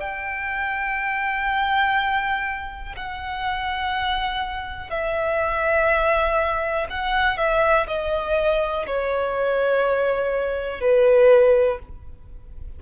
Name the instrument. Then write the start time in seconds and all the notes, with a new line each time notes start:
violin
0.00 G5
2.96 F#5
4.90 E5
6.89 F#5
7.37 E5
7.87 D#5
8.87 C#5
10.81 B4